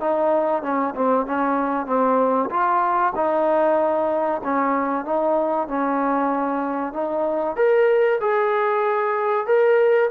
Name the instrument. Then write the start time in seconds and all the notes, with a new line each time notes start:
trombone
0.00 D#4
0.63 C#4
0.95 C4
1.26 C#4
1.86 C4
2.50 F4
3.15 D#4
4.44 C#4
5.05 D#4
5.68 C#4
6.93 D#4
7.56 A#4
8.21 G#4
9.47 A#4